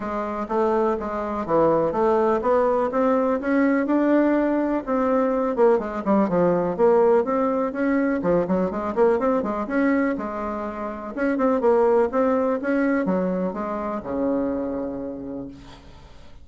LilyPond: \new Staff \with { instrumentName = "bassoon" } { \time 4/4 \tempo 4 = 124 gis4 a4 gis4 e4 | a4 b4 c'4 cis'4 | d'2 c'4. ais8 | gis8 g8 f4 ais4 c'4 |
cis'4 f8 fis8 gis8 ais8 c'8 gis8 | cis'4 gis2 cis'8 c'8 | ais4 c'4 cis'4 fis4 | gis4 cis2. | }